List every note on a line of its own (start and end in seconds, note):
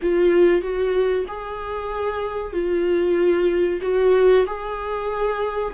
0.02 0.61 F4
0.61 1.25 F#4
1.27 2.52 G#4
2.52 3.80 F4
3.81 4.45 F#4
4.46 5.74 G#4